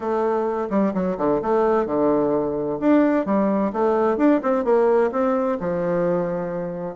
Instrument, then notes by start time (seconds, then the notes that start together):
bassoon
0.00 A3
0.70 G3
0.94 F#3
1.17 D3
1.42 A3
1.86 D3
2.80 D4
3.25 G3
3.73 A3
4.17 D4
4.42 C4
4.64 A#3
5.11 C4
5.60 F3